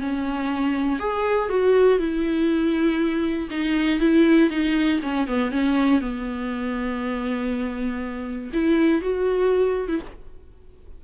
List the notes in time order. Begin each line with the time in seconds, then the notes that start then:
0.00 C#4
0.99 G#4
1.49 F#4
1.98 E4
3.50 D#4
4.00 E4
4.50 D#4
5.02 C#4
5.27 B3
5.51 C#4
6.00 B3
8.53 E4
9.01 F#4
9.88 E4